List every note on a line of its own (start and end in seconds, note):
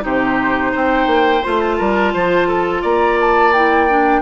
0.00 0.74 C3
0.00 1.40 D#4
0.00 0.72 G4
0.00 0.74 C5
0.72 1.06 C4
0.72 1.76 C5
0.72 1.43 G5
1.06 1.41 A#3
1.43 1.80 A3
1.43 3.53 F4
1.43 1.60 C6
1.60 2.82 A5
1.77 2.14 G3
1.77 2.12 A#4
2.13 2.83 F3
2.13 2.47 C5
2.47 2.81 A4
2.81 4.21 A#3
2.81 4.21 D5
2.81 3.18 A#5
3.20 3.53 A5
3.53 3.88 E4
3.53 4.21 G5
3.88 4.21 D4